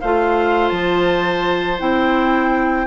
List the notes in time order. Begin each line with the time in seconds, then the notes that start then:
0.00 A3 F4 C5 F5
0.68 F3 A5
1.78 C4 E4 G5